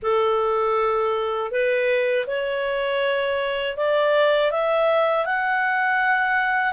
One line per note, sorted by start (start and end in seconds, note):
0.02 1.51 A4
1.51 2.26 B4
2.26 3.76 C#5
3.77 4.51 D5
4.51 5.25 E5
5.25 6.73 F#5